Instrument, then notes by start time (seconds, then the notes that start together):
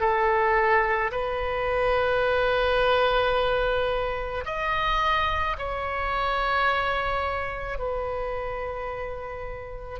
oboe
0.00 A4
1.12 B4
4.45 D#5
5.59 C#5
7.79 B4